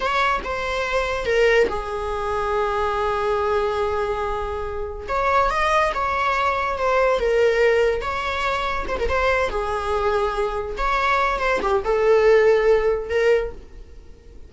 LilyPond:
\new Staff \with { instrumentName = "viola" } { \time 4/4 \tempo 4 = 142 cis''4 c''2 ais'4 | gis'1~ | gis'1 | cis''4 dis''4 cis''2 |
c''4 ais'2 cis''4~ | cis''4 c''16 ais'16 c''4 gis'4.~ | gis'4. cis''4. c''8 g'8 | a'2. ais'4 | }